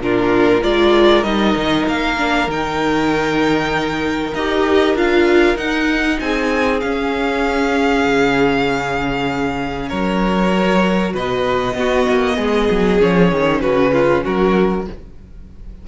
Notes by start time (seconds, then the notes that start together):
0.00 A#2 D4 F4 A#4
0.62 G#3 F4 A#4 D5
1.23 G3 D#4 D#5
1.56 D#3
1.87 A#3 F5
2.17 D4
2.47 D#3 D#4 G5
4.34 D#4 G4 D#5
4.94 D4 F4 F5
5.56 D#4 F#5
6.20 C4 G#4 G#5
6.80 C#4 F5
8.05 C#3
9.89 F#3 A#4 C#5
10.53 F#4
11.13 B2 B4 D#5
11.74 B3 F#4
12.09 A#3
12.36 G#3 G#4
12.70 F#3
12.98 F3 C#4 C#5
13.32 D#3
13.61 C#3 F#4 B4
13.93 F4
14.24 F#3 F#4 A#4